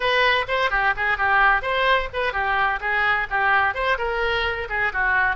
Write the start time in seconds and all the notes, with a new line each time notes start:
0.00 B4
0.48 C5
0.70 G4
0.96 G#4
1.17 G4
1.62 C5
2.13 B4
2.32 G4
2.80 G#4
3.30 G4
3.74 C5
3.97 A#4
4.69 G#4
4.92 F#4